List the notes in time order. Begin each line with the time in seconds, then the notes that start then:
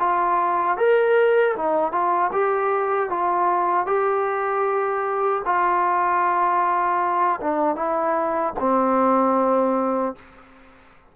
0.00 F4
0.78 A#4
1.57 D#4
1.92 F4
2.33 G4
3.10 F4
3.87 G4
5.46 F4
7.41 D4
7.76 E4
8.60 C4